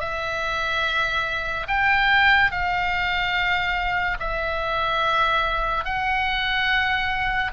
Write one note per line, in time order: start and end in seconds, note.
0.00 1.67 E5
1.68 2.51 G5
2.51 4.18 F5
4.20 5.85 E5
5.85 7.52 F#5